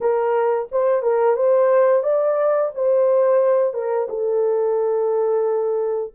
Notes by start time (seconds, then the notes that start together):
0.00 A#4
0.71 C5
1.02 A#4
1.36 C5
2.03 D5
2.75 C5
3.73 A#4
4.09 A4